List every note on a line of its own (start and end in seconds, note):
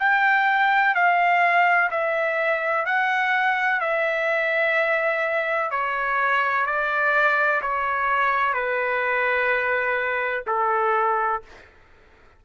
0.00 0.95 G5
0.95 1.90 F5
1.91 2.86 E5
2.86 3.81 F#5
3.81 5.71 E5
5.71 6.66 C#5
6.66 7.61 D5
7.62 8.54 C#5
8.54 10.45 B4
10.47 11.42 A4